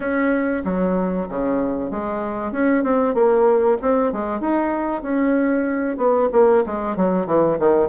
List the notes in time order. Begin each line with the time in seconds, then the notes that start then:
0.00 C#4
0.64 F#3
1.28 C#3
1.90 G#3
2.51 C#4
2.83 C4
3.14 A#3
3.81 C4
4.12 G#3
4.40 D#4
5.02 C#4
5.97 B3
6.32 A#3
6.66 G#3
6.96 F#3
7.26 E3
7.59 D#3